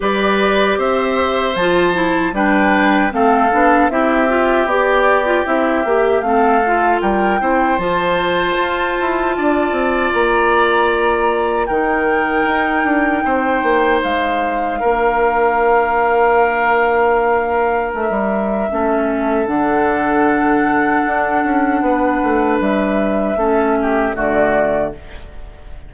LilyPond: <<
  \new Staff \with { instrumentName = "flute" } { \time 4/4 \tempo 4 = 77 d''4 e''4 a''4 g''4 | f''4 e''4 d''4 e''4 | f''4 g''4 a''2~ | a''4 ais''2 g''4~ |
g''2 f''2~ | f''2. e''4~ | e''4 fis''2.~ | fis''4 e''2 d''4 | }
  \new Staff \with { instrumentName = "oboe" } { \time 4/4 b'4 c''2 b'4 | a'4 g'2. | a'4 ais'8 c''2~ c''8 | d''2. ais'4~ |
ais'4 c''2 ais'4~ | ais'1 | a'1 | b'2 a'8 g'8 fis'4 | }
  \new Staff \with { instrumentName = "clarinet" } { \time 4/4 g'2 f'8 e'8 d'4 | c'8 d'8 e'8 f'8 g'8. f'16 e'8 g'8 | c'8 f'4 e'8 f'2~ | f'2. dis'4~ |
dis'2. d'4~ | d'1 | cis'4 d'2.~ | d'2 cis'4 a4 | }
  \new Staff \with { instrumentName = "bassoon" } { \time 4/4 g4 c'4 f4 g4 | a8 b8 c'4 b4 c'8 ais8 | a4 g8 c'8 f4 f'8 e'8 | d'8 c'8 ais2 dis4 |
dis'8 d'8 c'8 ais8 gis4 ais4~ | ais2. a16 g8. | a4 d2 d'8 cis'8 | b8 a8 g4 a4 d4 | }
>>